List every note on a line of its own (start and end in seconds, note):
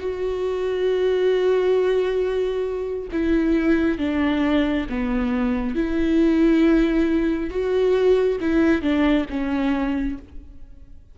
0.00 3.09 F#4
3.12 3.98 E4
3.98 4.86 D4
4.90 5.75 B3
5.75 7.50 E4
7.50 8.39 F#4
8.41 8.82 E4
8.82 9.26 D4
9.30 10.18 C#4